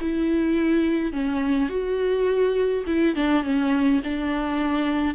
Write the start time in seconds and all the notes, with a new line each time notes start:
0.00 E4
1.12 C#4
1.69 F#4
2.86 E4
3.15 D4
3.43 C#4
4.03 D4